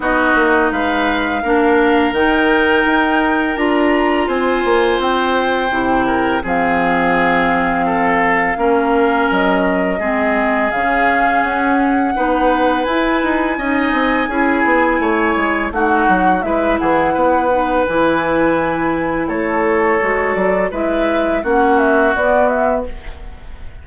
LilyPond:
<<
  \new Staff \with { instrumentName = "flute" } { \time 4/4 \tempo 4 = 84 dis''4 f''2 g''4~ | g''4 ais''4 gis''4 g''4~ | g''4 f''2.~ | f''4 dis''2 f''4 |
fis''2 gis''2~ | gis''2 fis''4 e''8 fis''8~ | fis''4 gis''2 cis''4~ | cis''8 d''8 e''4 fis''8 e''8 d''8 e''8 | }
  \new Staff \with { instrumentName = "oboe" } { \time 4/4 fis'4 b'4 ais'2~ | ais'2 c''2~ | c''8 ais'8 gis'2 a'4 | ais'2 gis'2~ |
gis'4 b'2 dis''4 | gis'4 cis''4 fis'4 b'8 gis'8 | b'2. a'4~ | a'4 b'4 fis'2 | }
  \new Staff \with { instrumentName = "clarinet" } { \time 4/4 dis'2 d'4 dis'4~ | dis'4 f'2. | e'4 c'2. | cis'2 c'4 cis'4~ |
cis'4 dis'4 e'4 dis'4 | e'2 dis'4 e'4~ | e'8 dis'8 e'2. | fis'4 e'4 cis'4 b4 | }
  \new Staff \with { instrumentName = "bassoon" } { \time 4/4 b8 ais8 gis4 ais4 dis4 | dis'4 d'4 c'8 ais8 c'4 | c4 f2. | ais4 fis4 gis4 cis4 |
cis'4 b4 e'8 dis'8 cis'8 c'8 | cis'8 b8 a8 gis8 a8 fis8 gis8 e8 | b4 e2 a4 | gis8 fis8 gis4 ais4 b4 | }
>>